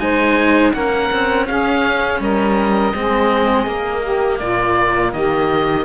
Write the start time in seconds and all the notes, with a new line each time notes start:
0.00 G#3 D#4 C5 G#5
0.73 A#3 C#4 A#4 F#5
1.12 C4
1.47 C#4 G#4 F5
2.20 G3 A#4 D#5
2.95 G#3 C4 G#4
3.67 A#3
4.03 G4
4.39 A#2 F4 D5
5.13 D#3 G4 D#5